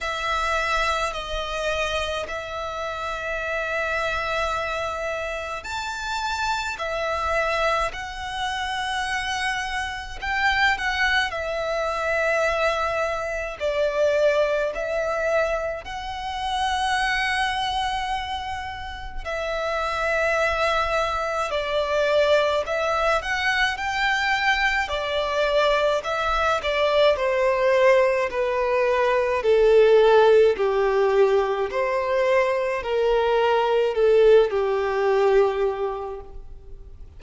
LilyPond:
\new Staff \with { instrumentName = "violin" } { \time 4/4 \tempo 4 = 53 e''4 dis''4 e''2~ | e''4 a''4 e''4 fis''4~ | fis''4 g''8 fis''8 e''2 | d''4 e''4 fis''2~ |
fis''4 e''2 d''4 | e''8 fis''8 g''4 d''4 e''8 d''8 | c''4 b'4 a'4 g'4 | c''4 ais'4 a'8 g'4. | }